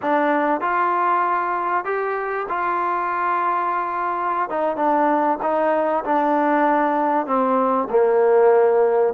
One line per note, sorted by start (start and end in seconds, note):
0.02 0.60 D4
0.60 1.84 F4
1.84 2.46 G4
2.49 4.49 F4
4.49 4.76 D#4
4.76 5.38 D4
5.42 6.04 D#4
6.04 7.26 D4
7.26 7.88 C4
7.90 9.13 A#3